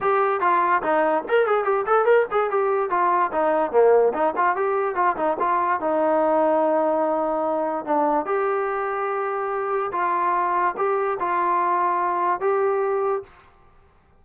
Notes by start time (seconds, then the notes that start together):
0.00 G4
0.40 F4
0.82 D#4
1.28 A#4
1.46 G#4
1.64 G4
1.86 A4
2.05 A#4
2.31 G#4
2.50 G4
2.89 F4
3.32 D#4
3.71 A#3
4.13 D#4
4.36 F4
4.56 G4
4.95 F4
5.16 D#4
5.39 F4
5.80 D#4
7.85 D4
8.25 G4
9.92 F4
10.77 G4
11.19 F4
12.40 G4